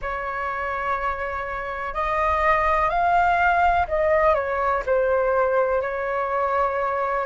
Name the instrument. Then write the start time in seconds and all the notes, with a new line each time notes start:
flute
0.01 C#5
1.94 D#5
2.89 F5
3.87 D#5
4.34 C#5
4.86 C5
5.81 C#5